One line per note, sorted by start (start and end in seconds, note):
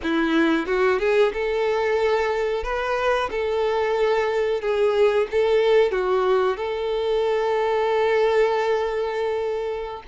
0.02 0.66 E4
0.66 0.99 F#4
0.99 1.32 G#4
1.33 2.63 A4
2.63 3.29 B4
3.31 4.61 A4
4.61 5.27 G#4
5.31 5.91 A4
5.91 6.56 F#4
6.56 10.02 A4